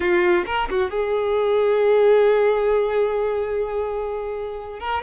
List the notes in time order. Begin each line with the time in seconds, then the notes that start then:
0.00 F4
0.46 A#4
0.70 F#4
0.90 G#4
4.79 A#4